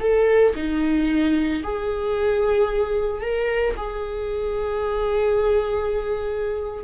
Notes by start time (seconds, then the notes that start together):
0.00 A4
0.56 D#4
1.63 G#4
3.21 A#4
3.77 G#4